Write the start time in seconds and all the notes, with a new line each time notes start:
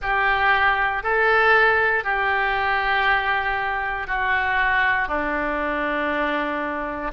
0.02 G4
1.03 A4
2.03 G4
4.07 F#4
5.08 D4